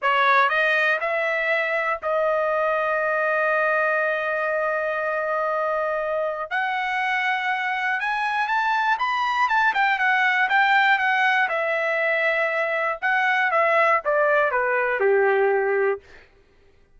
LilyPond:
\new Staff \with { instrumentName = "trumpet" } { \time 4/4 \tempo 4 = 120 cis''4 dis''4 e''2 | dis''1~ | dis''1~ | dis''4 fis''2. |
gis''4 a''4 b''4 a''8 g''8 | fis''4 g''4 fis''4 e''4~ | e''2 fis''4 e''4 | d''4 b'4 g'2 | }